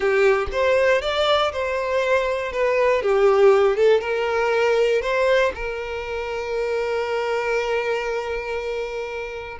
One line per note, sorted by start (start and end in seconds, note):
0.00 0.47 G4
0.52 1.01 C5
1.01 1.51 D5
1.52 2.52 C5
2.52 3.02 B4
3.02 3.76 G4
3.76 4.01 A4
4.01 5.01 A#4
5.01 5.52 C5
5.55 9.58 A#4